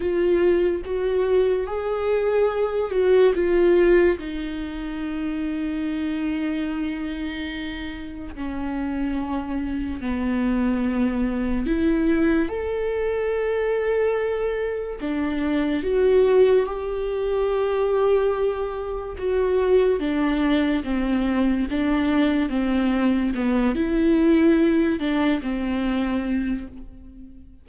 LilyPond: \new Staff \with { instrumentName = "viola" } { \time 4/4 \tempo 4 = 72 f'4 fis'4 gis'4. fis'8 | f'4 dis'2.~ | dis'2 cis'2 | b2 e'4 a'4~ |
a'2 d'4 fis'4 | g'2. fis'4 | d'4 c'4 d'4 c'4 | b8 e'4. d'8 c'4. | }